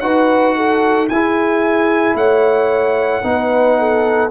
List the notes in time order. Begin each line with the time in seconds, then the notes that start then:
0.00 D#4 F#4 B4 F#5
0.55 A4
1.08 E4 G#4 G#5
2.14 A3 C#5 F#5
3.23 B3 D#4 B4
3.78 A4